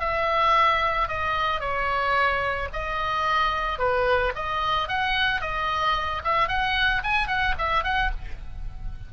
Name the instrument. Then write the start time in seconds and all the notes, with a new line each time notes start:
oboe
0.00 E5
1.08 D#5
1.60 C#5
2.73 D#5
3.78 B4
4.35 D#5
4.88 F#5
5.41 D#5
6.24 E5
6.48 F#5
7.03 G#5
7.28 F#5
7.58 E5
7.84 F#5